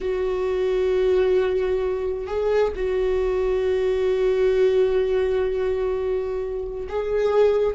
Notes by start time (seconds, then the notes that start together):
0.00 F#4
2.27 G#4
2.75 F#4
6.88 G#4